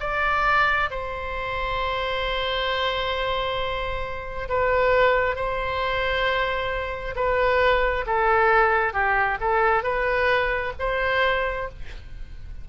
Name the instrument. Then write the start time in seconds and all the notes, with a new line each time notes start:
oboe
0.00 D5
0.90 C5
4.49 B4
5.36 C5
7.16 B4
8.06 A4
8.93 G4
9.40 A4
9.83 B4
10.79 C5